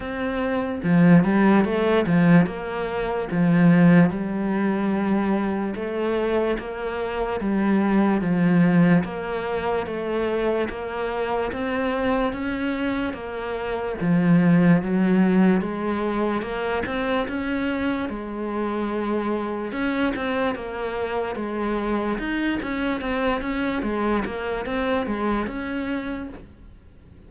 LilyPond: \new Staff \with { instrumentName = "cello" } { \time 4/4 \tempo 4 = 73 c'4 f8 g8 a8 f8 ais4 | f4 g2 a4 | ais4 g4 f4 ais4 | a4 ais4 c'4 cis'4 |
ais4 f4 fis4 gis4 | ais8 c'8 cis'4 gis2 | cis'8 c'8 ais4 gis4 dis'8 cis'8 | c'8 cis'8 gis8 ais8 c'8 gis8 cis'4 | }